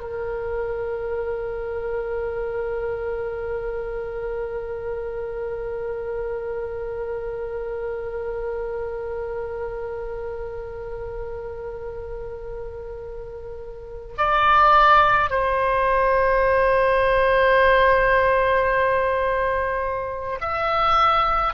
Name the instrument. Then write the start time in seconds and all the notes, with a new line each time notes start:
oboe
0.00 A#4
14.17 D5
15.30 C5
20.41 E5